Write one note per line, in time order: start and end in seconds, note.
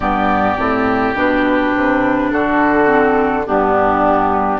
0.00 0.55 G2
0.00 0.57 B3
0.00 2.29 G4
0.00 1.15 D5
0.57 1.14 A2
0.57 1.15 C4
1.14 1.72 B2
1.14 2.85 D4
1.14 2.30 B4
1.75 2.32 C3
2.30 3.47 D3
2.30 3.45 F#4
2.30 3.45 A4
2.85 3.43 C4
3.45 4.60 G2
3.45 4.60 B3
3.45 4.60 D4
3.45 4.60 G4